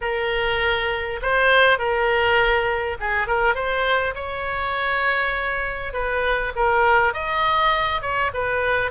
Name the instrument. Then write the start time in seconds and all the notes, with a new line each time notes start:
oboe
0.01 A#4
1.22 C5
1.78 A#4
2.99 G#4
3.27 A#4
3.55 C5
4.14 C#5
5.93 B4
6.55 A#4
7.13 D#5
8.01 C#5
8.33 B4